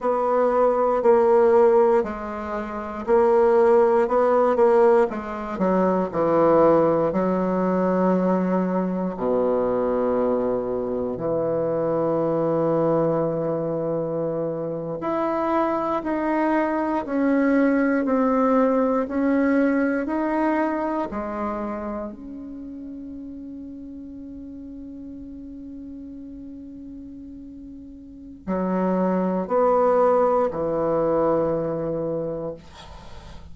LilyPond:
\new Staff \with { instrumentName = "bassoon" } { \time 4/4 \tempo 4 = 59 b4 ais4 gis4 ais4 | b8 ais8 gis8 fis8 e4 fis4~ | fis4 b,2 e4~ | e2~ e8. e'4 dis'16~ |
dis'8. cis'4 c'4 cis'4 dis'16~ | dis'8. gis4 cis'2~ cis'16~ | cis'1 | fis4 b4 e2 | }